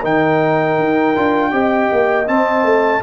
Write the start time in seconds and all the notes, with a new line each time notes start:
0.00 D#3 D#4 A#4 G5
0.78 D#4
1.15 D4 F4
1.51 C4 G4 D#5
1.92 A#3
2.26 C4 A5
2.63 A3